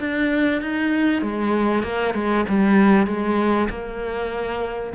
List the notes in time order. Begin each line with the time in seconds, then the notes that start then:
0.00 D4
0.62 D#4
1.22 G#3
1.83 A#3
2.14 G#3
2.49 G3
3.07 G#3
3.69 A#3